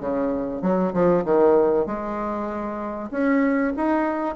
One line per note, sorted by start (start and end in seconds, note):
0.00 0.62 C#3
0.62 0.93 F#3
0.93 1.24 F3
1.24 1.86 D#3
1.86 3.10 G#3
3.11 3.73 C#4
3.76 4.35 D#4